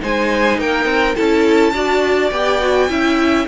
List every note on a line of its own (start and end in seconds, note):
0.00 0.58 G#3
0.00 1.15 D#4
0.00 0.59 C5
0.00 0.60 G#5
0.58 0.85 A#3
0.58 1.15 A#4
0.58 1.15 G5
0.85 1.14 C4
1.15 1.73 C#4
1.15 1.74 E4
1.15 1.73 A4
1.15 2.30 A5
1.73 2.30 D4
1.73 2.32 F#4
1.73 2.89 D5
2.30 2.88 B3
2.30 2.61 G4
2.30 3.46 G5
2.61 2.89 F#4
2.89 3.47 C#4
2.89 3.47 E4
2.89 3.48 E5